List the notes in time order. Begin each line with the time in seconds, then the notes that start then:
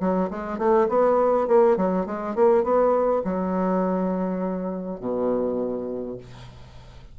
0.00 F#3
0.30 G#3
0.58 A3
0.89 B3
1.48 A#3
1.77 F#3
2.06 G#3
2.35 A#3
2.64 B3
3.24 F#3
5.00 B2